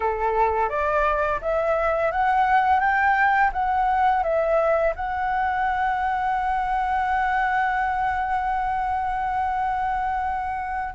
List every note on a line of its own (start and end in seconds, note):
0.00 0.69 A4
0.69 1.39 D5
1.41 2.11 E5
2.11 2.80 F#5
2.80 3.50 G5
3.52 4.23 F#5
4.23 4.93 E5
4.95 10.94 F#5